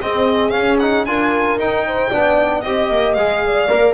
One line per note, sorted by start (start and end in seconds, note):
0.00 0.51 C4
0.00 0.54 C4
0.00 1.07 G#4
0.00 0.50 D#5
0.50 0.77 C#4
0.50 1.05 C#4
0.50 0.76 F5
0.79 1.07 D#4
0.79 1.05 F#5
1.05 1.56 D4
1.05 1.59 F4
1.05 1.87 A#4
1.05 1.58 G#5
1.56 2.09 D#4
1.56 2.11 D#4
1.56 2.61 G5
1.87 2.09 C5
2.09 2.63 B3
2.09 2.64 D4
2.09 2.62 D5
2.61 2.89 C4
2.61 3.18 G4
2.61 3.13 D#5
2.61 3.45 D#5
2.90 3.15 A#3
3.13 3.68 G#3
3.13 3.68 G#4
3.13 3.92 F5
3.46 3.94 D5
3.68 3.94 A#3
3.68 3.94 A#4